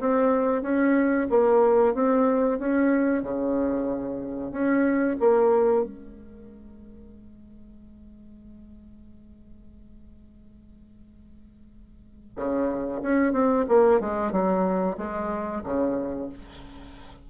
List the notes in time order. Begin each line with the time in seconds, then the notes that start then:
0.00 C4
0.62 C#4
1.30 A#3
1.94 C4
2.59 C#4
3.23 C#3
4.51 C#4
5.20 A#3
5.84 G#3
12.36 C#3
13.02 C#4
13.33 C4
13.68 A#3
14.00 G#3
14.32 F#3
14.98 G#3
15.64 C#3